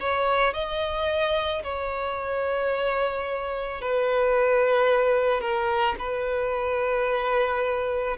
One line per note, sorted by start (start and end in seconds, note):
0.00 0.54 C#5
0.54 1.63 D#5
1.63 3.81 C#5
3.81 5.41 B4
5.41 5.96 A#4
5.99 8.17 B4